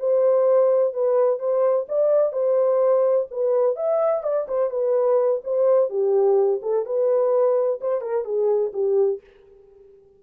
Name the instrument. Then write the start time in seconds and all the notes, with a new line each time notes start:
horn
0.00 C5
0.94 B4
1.39 C5
1.89 D5
2.33 C5
3.31 B4
3.76 E5
4.23 D5
4.48 C5
4.71 B4
5.44 C5
5.90 G4
6.62 A4
6.86 B4
7.81 C5
8.02 A#4
8.25 G#4
8.74 G4